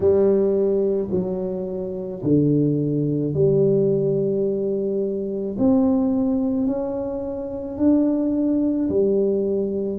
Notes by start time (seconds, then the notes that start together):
0.00 G3
1.11 F#3
2.23 D3
3.34 G3
5.58 C4
6.67 C#4
7.77 D4
8.89 G3